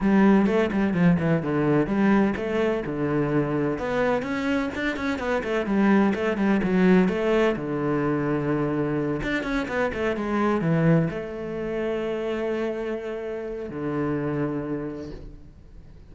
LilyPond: \new Staff \with { instrumentName = "cello" } { \time 4/4 \tempo 4 = 127 g4 a8 g8 f8 e8 d4 | g4 a4 d2 | b4 cis'4 d'8 cis'8 b8 a8 | g4 a8 g8 fis4 a4 |
d2.~ d8 d'8 | cis'8 b8 a8 gis4 e4 a8~ | a1~ | a4 d2. | }